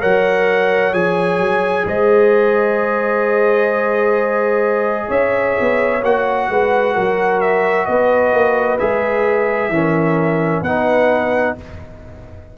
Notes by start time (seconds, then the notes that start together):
0.00 F#3 A#4 C#5 F#5
0.92 F3 G#4 G#5
1.38 F#3
1.85 G#3 C5 D#5
5.07 C#4 C#5 E5
5.60 B3
6.02 A#3 F#4 F#5
6.49 G#3 B4
6.94 F#3 A#4
7.40 E5
7.85 B3 B4 D#5
8.33 A#3
8.79 G#3 G#4 E5
9.68 E3 C#4 A#4
10.61 B3 D#4 B4 F#5